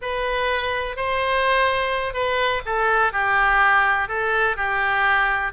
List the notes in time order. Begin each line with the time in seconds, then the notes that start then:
0.01 B4
0.96 C5
2.13 B4
2.65 A4
3.12 G4
4.08 A4
4.56 G4